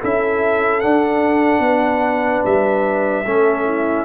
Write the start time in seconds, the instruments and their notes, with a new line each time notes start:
0.00 tuba C#4, trombone E4, horn A4, trumpet E5
0.80 trombone D4, tuba D4, trumpet F#5
1.60 tuba B3, horn B4
2.45 tuba G3, trumpet E5
3.25 tuba A3, trombone C#4, horn A4
3.64 horn E4